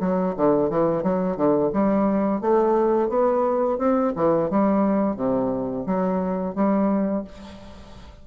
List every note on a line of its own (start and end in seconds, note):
0.00 0.34 F#3
0.36 0.70 D3
0.70 1.03 E3
1.03 1.36 F#3
1.36 1.71 D3
1.73 2.41 G3
2.41 3.09 A3
3.09 3.78 B3
3.78 4.13 C4
4.16 4.50 E3
4.50 5.16 G3
5.16 5.85 C3
5.86 6.55 F#3
6.55 7.24 G3